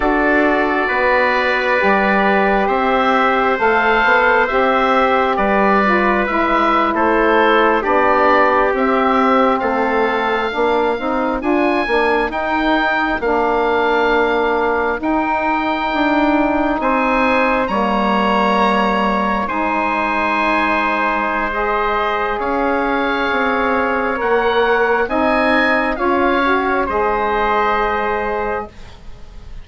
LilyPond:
<<
  \new Staff \with { instrumentName = "oboe" } { \time 4/4 \tempo 4 = 67 d''2. e''4 | f''4 e''4 d''4 e''8. c''16~ | c''8. d''4 e''4 f''4~ f''16~ | f''8. gis''4 g''4 f''4~ f''16~ |
f''8. g''2 gis''4 ais''16~ | ais''4.~ ais''16 gis''2~ gis''16 | dis''4 f''2 fis''4 | gis''4 f''4 dis''2 | }
  \new Staff \with { instrumentName = "trumpet" } { \time 4/4 a'4 b'2 c''4~ | c''2 b'4.~ b'16 a'16~ | a'8. g'2 a'4 ais'16~ | ais'1~ |
ais'2~ ais'8. c''4 cis''16~ | cis''4.~ cis''16 c''2~ c''16~ | c''4 cis''2. | dis''4 cis''4 c''2 | }
  \new Staff \with { instrumentName = "saxophone" } { \time 4/4 fis'2 g'2 | a'4 g'4. f'8 e'4~ | e'8. d'4 c'2 d'16~ | d'16 dis'8 f'8 d'8 dis'4 d'4~ d'16~ |
d'8. dis'2. ais16~ | ais4.~ ais16 dis'2~ dis'16 | gis'2. ais'4 | dis'4 f'8 fis'8 gis'2 | }
  \new Staff \with { instrumentName = "bassoon" } { \time 4/4 d'4 b4 g4 c'4 | a8 b8 c'4 g4 gis8. a16~ | a8. b4 c'4 a4 ais16~ | ais16 c'8 d'8 ais8 dis'4 ais4~ ais16~ |
ais8. dis'4 d'4 c'4 g16~ | g4.~ g16 gis2~ gis16~ | gis4 cis'4 c'4 ais4 | c'4 cis'4 gis2 | }
>>